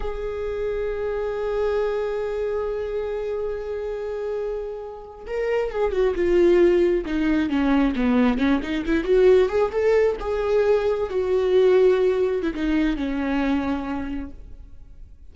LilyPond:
\new Staff \with { instrumentName = "viola" } { \time 4/4 \tempo 4 = 134 gis'1~ | gis'1~ | gis'2.~ gis'8. ais'16~ | ais'8. gis'8 fis'8 f'2 dis'16~ |
dis'8. cis'4 b4 cis'8 dis'8 e'16~ | e'16 fis'4 gis'8 a'4 gis'4~ gis'16~ | gis'8. fis'2. e'16 | dis'4 cis'2. | }